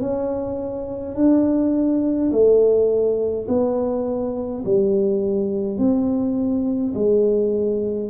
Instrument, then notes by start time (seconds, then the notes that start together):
tuba
0.00 C#4
1.15 D4
2.31 A3
3.48 B3
4.65 G3
5.77 C4
6.94 G#3